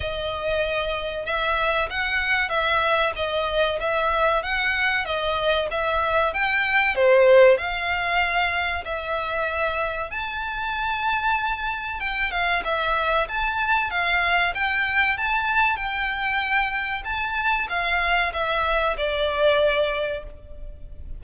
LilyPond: \new Staff \with { instrumentName = "violin" } { \time 4/4 \tempo 4 = 95 dis''2 e''4 fis''4 | e''4 dis''4 e''4 fis''4 | dis''4 e''4 g''4 c''4 | f''2 e''2 |
a''2. g''8 f''8 | e''4 a''4 f''4 g''4 | a''4 g''2 a''4 | f''4 e''4 d''2 | }